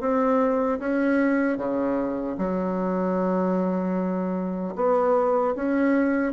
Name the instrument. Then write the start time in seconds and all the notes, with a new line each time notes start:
bassoon
0.00 C4
0.79 C#4
1.57 C#3
2.38 F#3
4.75 B3
5.55 C#4